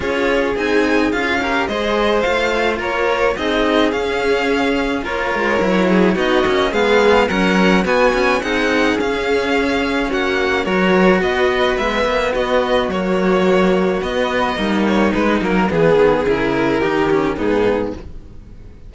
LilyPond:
<<
  \new Staff \with { instrumentName = "violin" } { \time 4/4 \tempo 4 = 107 cis''4 gis''4 f''4 dis''4 | f''4 cis''4 dis''4 f''4~ | f''4 cis''2 dis''4 | f''4 fis''4 gis''4 fis''4 |
f''2 fis''4 cis''4 | dis''4 e''4 dis''4 cis''4~ | cis''4 dis''4. cis''8 b'8 ais'8 | gis'4 ais'2 gis'4 | }
  \new Staff \with { instrumentName = "violin" } { \time 4/4 gis'2~ gis'8 ais'8 c''4~ | c''4 ais'4 gis'2~ | gis'4 ais'4. gis'8 fis'4 | gis'4 ais'4 fis'4 gis'4~ |
gis'2 fis'4 ais'4 | b'2 fis'2~ | fis'2 dis'2 | gis'2 g'4 dis'4 | }
  \new Staff \with { instrumentName = "cello" } { \time 4/4 f'4 dis'4 f'8 g'8 gis'4 | f'2 dis'4 cis'4~ | cis'4 f'4 e'4 dis'8 cis'8 | b4 cis'4 b8 cis'8 dis'4 |
cis'2. fis'4~ | fis'4 b2 ais4~ | ais4 b4 ais4 gis8 ais8 | b4 e'4 dis'8 cis'8 b4 | }
  \new Staff \with { instrumentName = "cello" } { \time 4/4 cis'4 c'4 cis'4 gis4 | a4 ais4 c'4 cis'4~ | cis'4 ais8 gis8 fis4 b8 ais8 | gis4 fis4 b4 c'4 |
cis'2 ais4 fis4 | b4 gis8 ais8 b4 fis4~ | fis4 b4 g4 gis8 fis8 | e8 dis8 cis4 dis4 gis,4 | }
>>